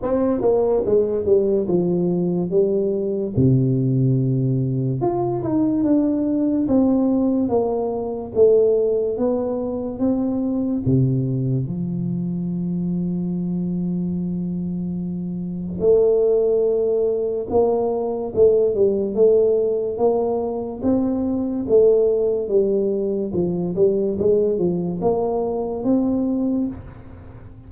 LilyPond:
\new Staff \with { instrumentName = "tuba" } { \time 4/4 \tempo 4 = 72 c'8 ais8 gis8 g8 f4 g4 | c2 f'8 dis'8 d'4 | c'4 ais4 a4 b4 | c'4 c4 f2~ |
f2. a4~ | a4 ais4 a8 g8 a4 | ais4 c'4 a4 g4 | f8 g8 gis8 f8 ais4 c'4 | }